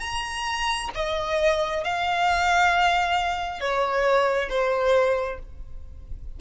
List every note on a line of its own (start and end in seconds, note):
0.00 0.90 A#5
0.94 1.84 D#5
1.84 3.60 F5
3.60 4.49 C#5
4.49 5.39 C5